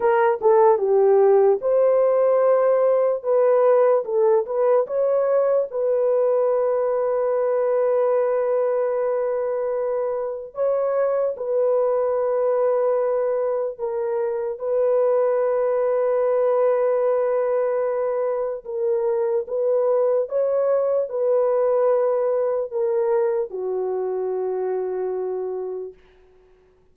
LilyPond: \new Staff \with { instrumentName = "horn" } { \time 4/4 \tempo 4 = 74 ais'8 a'8 g'4 c''2 | b'4 a'8 b'8 cis''4 b'4~ | b'1~ | b'4 cis''4 b'2~ |
b'4 ais'4 b'2~ | b'2. ais'4 | b'4 cis''4 b'2 | ais'4 fis'2. | }